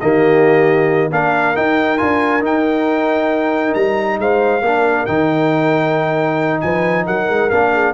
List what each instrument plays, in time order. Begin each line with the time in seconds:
0.00 tuba D#3, trombone A#3, horn G4, trumpet D#5
1.10 tuba A#3, trombone D4, horn A#4, trumpet F5
1.54 trombone D#4, tuba D#4, trumpet G5
1.97 tuba D4, trombone F4, trumpet G#5
2.40 trombone D#4, tuba D#4, trumpet G5
3.74 tuba G3, trumpet A#5
4.18 tuba G#3, horn C5, trumpet F5
4.61 tuba A#3, trombone D4, horn A#4
5.06 tuba D#3, trombone D#4, trumpet G5
6.60 tuba F3, horn B4, trumpet G#5
7.06 tuba F#3, horn A#4, trumpet F#5
7.29 tuba G#3
7.49 tuba A#3, trombone D4, trumpet F5
7.72 horn G#4